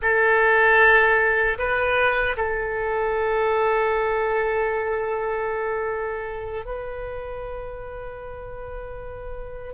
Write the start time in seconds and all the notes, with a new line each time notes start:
0.02 A4
1.58 B4
2.37 A4
6.65 B4